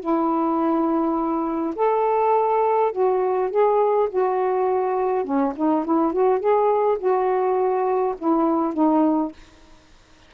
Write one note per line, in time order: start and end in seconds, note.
0.00 1.75 E4
1.76 2.92 A4
2.92 3.50 F#4
3.50 4.09 G#4
4.09 5.24 F#4
5.24 5.53 C#4
5.56 5.84 D#4
5.84 6.12 E4
6.12 6.39 F#4
6.39 6.98 G#4
6.98 8.14 F#4
8.18 8.74 E4
8.74 9.32 D#4